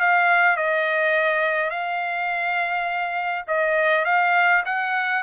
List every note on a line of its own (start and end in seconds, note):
0.00 0.57 F5
0.57 1.71 D#5
1.71 3.46 F5
3.48 4.06 D#5
4.06 4.64 F5
4.66 5.23 F#5